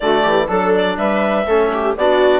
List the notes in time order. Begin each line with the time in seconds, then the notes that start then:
0.00 D3 A3 F#4 D5
0.22 E3 G4
0.47 F#3 D4 A4
0.75 D5
0.97 G3 B4 E5
1.46 A3 C#4 A4
1.73 G4
1.96 B3 D4 F#4 D5